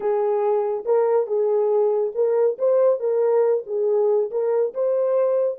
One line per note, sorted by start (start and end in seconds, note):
0.00 0.84 G#4
0.85 1.26 A#4
1.26 2.12 G#4
2.14 2.57 A#4
2.58 2.99 C5
2.99 3.64 A#4
3.66 4.30 G#4
4.30 4.73 A#4
4.74 5.58 C5